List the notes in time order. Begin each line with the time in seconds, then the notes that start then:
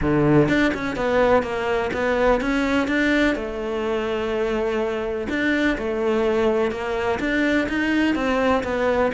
0.01 D3
0.48 D4
0.74 C#4
0.96 B3
1.42 A#3
1.93 B3
2.40 C#4
2.87 D4
3.35 A3
5.29 D4
5.77 A3
6.71 A#3
7.19 D4
7.68 D#4
8.15 C4
8.63 B3